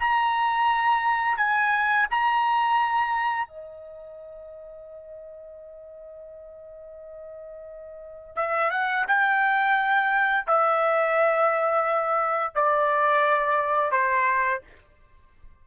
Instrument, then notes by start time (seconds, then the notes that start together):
trumpet
0.00 A#5
1.38 G#5
2.11 A#5
3.48 D#5
8.36 E5
8.71 F#5
9.08 G5
10.47 E5
12.55 D5
13.92 C5